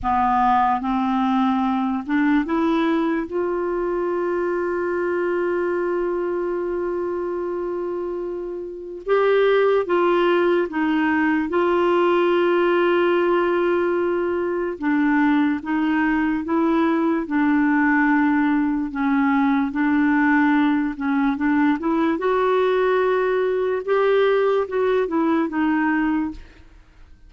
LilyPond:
\new Staff \with { instrumentName = "clarinet" } { \time 4/4 \tempo 4 = 73 b4 c'4. d'8 e'4 | f'1~ | f'2. g'4 | f'4 dis'4 f'2~ |
f'2 d'4 dis'4 | e'4 d'2 cis'4 | d'4. cis'8 d'8 e'8 fis'4~ | fis'4 g'4 fis'8 e'8 dis'4 | }